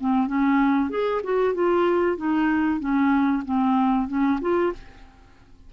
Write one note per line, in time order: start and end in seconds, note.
0.00 0.27 C4
0.27 0.90 C#4
0.90 1.21 G#4
1.23 1.54 F#4
1.54 2.17 F4
2.17 2.80 D#4
2.80 3.43 C#4
3.45 4.07 C4
4.07 4.39 C#4
4.41 4.72 F4